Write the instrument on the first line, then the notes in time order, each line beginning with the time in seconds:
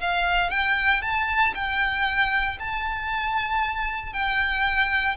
violin
0.00 F5
0.50 G5
1.02 A5
1.55 G5
2.60 A5
4.13 G5